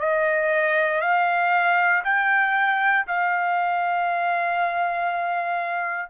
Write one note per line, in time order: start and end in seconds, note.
0.00 1.02 D#5
1.02 2.03 F5
2.04 3.06 G5
3.08 6.11 F5